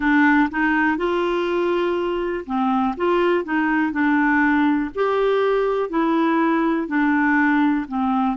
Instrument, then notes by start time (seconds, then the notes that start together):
clarinet
0.00 D4
0.50 D#4
0.97 F4
2.45 C4
2.96 F4
3.44 D#4
3.92 D4
4.94 G4
5.89 E4
6.87 D4
7.87 C4